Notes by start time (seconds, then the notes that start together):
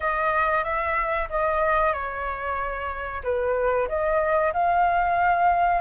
0.00 D#5
0.64 E5
1.29 D#5
1.93 C#5
3.23 B4
3.88 D#5
4.53 F5